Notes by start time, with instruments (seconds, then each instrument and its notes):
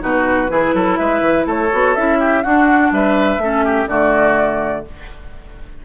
0.00 bassoon B2, clarinet D#4, oboe F#4, flute B4
0.48 bassoon E3, clarinet E4, oboe G#4
0.74 bassoon F#3, oboe A4
0.96 bassoon G#3, oboe B4, flute E5
1.21 bassoon E3
1.46 bassoon A3, oboe A4, flute C#5
1.72 bassoon B3, clarinet F#4
1.95 bassoon C#4, clarinet E4, flute E5
2.19 oboe G4
2.44 clarinet D4, bassoon D4, oboe F#4, flute F#5
2.91 bassoon G3, oboe B4, flute E5
3.38 bassoon A3, clarinet C#4, oboe A4
3.65 oboe G4
3.88 bassoon D3, clarinet A3, oboe F#4, flute D5